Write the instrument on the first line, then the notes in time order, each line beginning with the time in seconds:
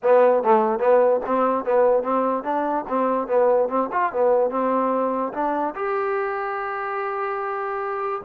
trombone
0.02 B3
0.43 A3
0.79 B3
1.26 C4
1.65 B3
2.03 C4
2.43 D4
2.88 C4
3.27 B3
3.68 C4
3.92 F4
4.12 B3
4.50 C4
5.33 D4
5.75 G4